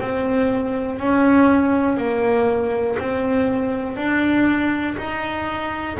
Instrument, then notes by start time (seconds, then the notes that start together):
double bass
0.00 C4
0.99 C#4
1.97 A#3
2.99 C4
3.97 D4
4.98 D#4